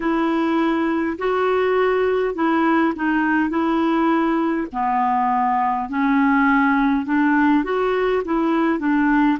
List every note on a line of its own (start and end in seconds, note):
0.00 1.17 E4
1.18 2.35 F#4
2.35 2.94 E4
2.95 3.49 D#4
3.49 4.67 E4
4.72 5.89 B3
5.89 7.05 C#4
7.05 7.64 D4
7.64 8.22 F#4
8.25 8.79 E4
8.79 9.38 D4